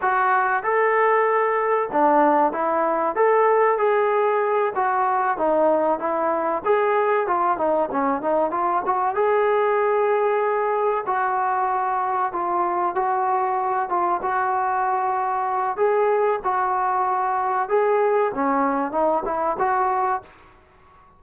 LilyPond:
\new Staff \with { instrumentName = "trombone" } { \time 4/4 \tempo 4 = 95 fis'4 a'2 d'4 | e'4 a'4 gis'4. fis'8~ | fis'8 dis'4 e'4 gis'4 f'8 | dis'8 cis'8 dis'8 f'8 fis'8 gis'4.~ |
gis'4. fis'2 f'8~ | f'8 fis'4. f'8 fis'4.~ | fis'4 gis'4 fis'2 | gis'4 cis'4 dis'8 e'8 fis'4 | }